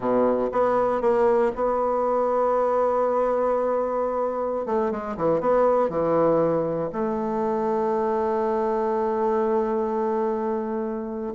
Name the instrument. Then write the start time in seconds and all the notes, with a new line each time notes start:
bassoon
0.00 B2
0.52 B3
1.01 A#3
1.55 B3
4.65 A3
4.91 G#3
5.16 E3
5.40 B3
5.89 E3
6.92 A3